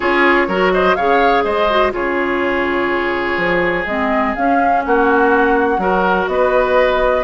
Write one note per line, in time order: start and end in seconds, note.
0.00 0.47 C#4
0.00 0.48 F4
0.00 0.47 G#4
0.00 0.72 C#5
0.47 0.96 F#3
0.47 0.97 F#4
0.47 0.72 A#4
0.72 0.96 C5
0.72 0.95 D#5
0.95 1.44 C#3
0.95 1.69 G#4
0.95 1.43 C#5
0.95 1.43 F5
1.43 1.92 G#3
1.43 1.92 C5
1.43 1.92 D#5
1.69 1.91 F#4
1.91 3.36 C#3
1.91 3.85 F4
1.91 4.84 G#4
1.91 3.86 C#5
3.36 3.85 F3
3.86 4.34 G#3
3.86 4.36 C4
3.86 4.34 D#5
4.35 5.79 C#4
4.35 4.85 C#4
4.35 4.83 F5
4.84 5.78 A#3
4.84 5.80 F#4
4.84 6.27 F#5
5.78 6.26 F#3
5.78 7.24 F#4
5.78 6.29 A#4
6.27 7.24 B3
6.27 7.24 B4
6.27 7.24 D#5